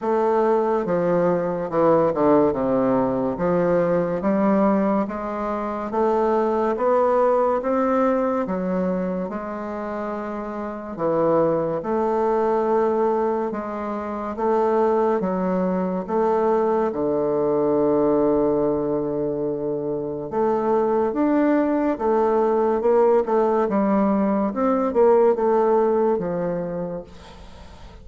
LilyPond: \new Staff \with { instrumentName = "bassoon" } { \time 4/4 \tempo 4 = 71 a4 f4 e8 d8 c4 | f4 g4 gis4 a4 | b4 c'4 fis4 gis4~ | gis4 e4 a2 |
gis4 a4 fis4 a4 | d1 | a4 d'4 a4 ais8 a8 | g4 c'8 ais8 a4 f4 | }